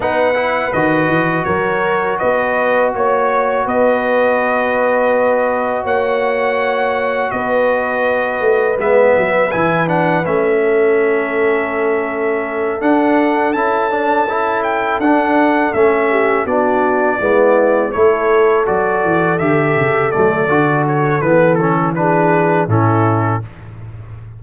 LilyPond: <<
  \new Staff \with { instrumentName = "trumpet" } { \time 4/4 \tempo 4 = 82 fis''4 dis''4 cis''4 dis''4 | cis''4 dis''2. | fis''2 dis''2 | e''4 gis''8 fis''8 e''2~ |
e''4. fis''4 a''4. | g''8 fis''4 e''4 d''4.~ | d''8 cis''4 d''4 e''4 d''8~ | d''8 cis''8 b'8 a'8 b'4 a'4 | }
  \new Staff \with { instrumentName = "horn" } { \time 4/4 b'2 ais'4 b'4 | cis''4 b'2. | cis''2 b'2~ | b'2~ b'8 a'4.~ |
a'1~ | a'2 g'8 fis'4 e'8~ | e'8 a'2.~ a'8~ | a'2 gis'4 e'4 | }
  \new Staff \with { instrumentName = "trombone" } { \time 4/4 dis'8 e'8 fis'2.~ | fis'1~ | fis'1 | b4 e'8 d'8 cis'2~ |
cis'4. d'4 e'8 d'8 e'8~ | e'8 d'4 cis'4 d'4 b8~ | b8 e'4 fis'4 g'4 a8 | fis'4 b8 cis'8 d'4 cis'4 | }
  \new Staff \with { instrumentName = "tuba" } { \time 4/4 b4 dis8 e8 fis4 b4 | ais4 b2. | ais2 b4. a8 | gis8 fis8 e4 a2~ |
a4. d'4 cis'4.~ | cis'8 d'4 a4 b4 gis8~ | gis8 a4 fis8 e8 d8 cis8 fis8 | d4 e2 a,4 | }
>>